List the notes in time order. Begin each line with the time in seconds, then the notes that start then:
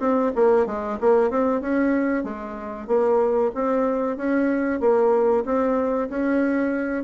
0.00 C4
0.36 A#3
0.66 G#3
1.01 A#3
1.31 C4
1.61 C#4
2.24 G#3
2.88 A#3
3.55 C4
4.17 C#4
4.80 A#3
5.45 C4
6.10 C#4